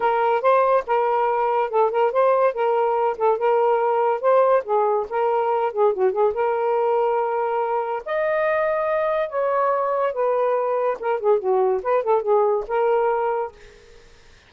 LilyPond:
\new Staff \with { instrumentName = "saxophone" } { \time 4/4 \tempo 4 = 142 ais'4 c''4 ais'2 | a'8 ais'8 c''4 ais'4. a'8 | ais'2 c''4 gis'4 | ais'4. gis'8 fis'8 gis'8 ais'4~ |
ais'2. dis''4~ | dis''2 cis''2 | b'2 ais'8 gis'8 fis'4 | b'8 a'8 gis'4 ais'2 | }